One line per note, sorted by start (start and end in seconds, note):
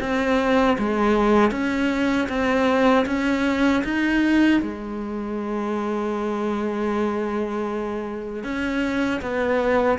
0.00 0.77 C4
0.79 1.51 G#3
1.51 2.28 C#4
2.29 3.06 C4
3.06 3.83 C#4
3.84 4.61 D#4
4.62 8.44 G#3
8.44 9.21 C#4
9.21 9.98 B3